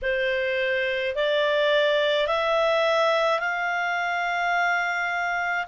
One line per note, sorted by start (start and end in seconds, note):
0.02 1.15 C5
1.15 2.26 D5
2.26 3.39 E5
3.39 5.66 F5